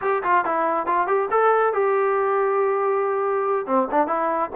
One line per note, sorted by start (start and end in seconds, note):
0.01 0.23 G4
0.23 0.44 F4
0.44 0.86 E4
0.86 1.07 F4
1.07 1.28 G4
1.30 1.73 A4
1.73 3.66 G4
3.66 3.88 C4
3.91 4.07 D4
4.07 4.50 E4